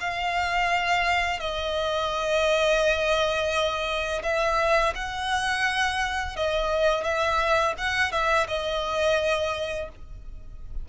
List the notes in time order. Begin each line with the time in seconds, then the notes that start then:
0.00 F5
1.40 D#5
4.23 E5
4.95 F#5
6.36 D#5
7.04 E5
7.78 F#5
8.12 E5
8.48 D#5